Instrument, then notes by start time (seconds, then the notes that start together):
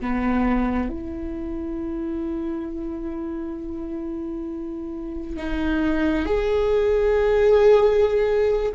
viola
0.00 B3
0.89 E4
5.36 D#4
6.26 G#4